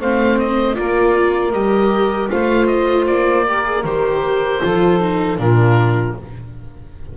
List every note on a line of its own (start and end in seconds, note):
0.00 0.77 A3
0.00 0.74 C4
0.00 0.77 C5
0.00 0.39 F5
0.39 0.76 D#5
0.74 1.53 A#3
0.74 1.51 F4
0.74 2.31 A#4
0.74 1.52 D5
1.52 2.30 G3
1.52 2.29 G4
1.52 2.29 D#5
2.29 3.07 A3
2.29 3.44 F4
2.29 3.46 C5
2.29 2.67 F5
2.67 3.05 D#5
3.07 3.84 A#3
3.07 3.84 D5
3.47 3.65 G4
3.47 4.63 A#4
3.65 3.84 G#4
3.84 4.61 D#3
3.84 4.61 G4
3.84 5.38 C5
4.61 5.38 F3
4.61 4.99 F4
4.61 5.40 A4
4.99 5.37 D#4
5.37 6.15 A#2
5.37 6.14 D4
5.37 6.17 F4
5.37 6.17 A#4